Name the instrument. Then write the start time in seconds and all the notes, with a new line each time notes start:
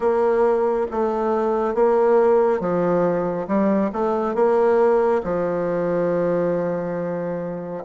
bassoon
0.00 A#3
0.91 A3
1.74 A#3
2.59 F3
3.47 G3
3.92 A3
4.34 A#3
5.23 F3